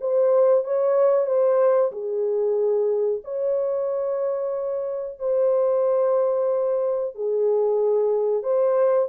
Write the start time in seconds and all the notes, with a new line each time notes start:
0.00 C5
0.64 C#5
1.26 C5
1.92 G#4
3.24 C#5
5.19 C5
7.14 G#4
8.43 C5